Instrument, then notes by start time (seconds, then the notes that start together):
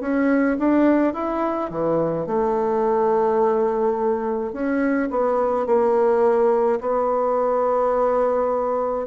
bassoon
0.00 C#4
0.58 D4
1.13 E4
1.70 E3
2.26 A3
4.52 C#4
5.10 B3
5.66 A#3
6.80 B3